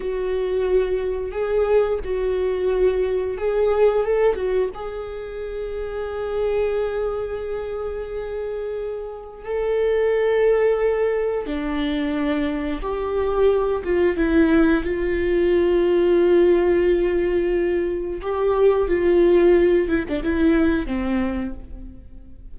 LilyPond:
\new Staff \with { instrumentName = "viola" } { \time 4/4 \tempo 4 = 89 fis'2 gis'4 fis'4~ | fis'4 gis'4 a'8 fis'8 gis'4~ | gis'1~ | gis'2 a'2~ |
a'4 d'2 g'4~ | g'8 f'8 e'4 f'2~ | f'2. g'4 | f'4. e'16 d'16 e'4 c'4 | }